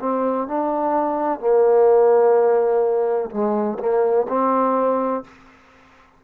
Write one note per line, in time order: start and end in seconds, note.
0.00 0.48 C4
0.48 1.39 D4
1.39 3.30 A#3
3.30 3.78 G#3
3.79 4.27 A#3
4.29 5.24 C4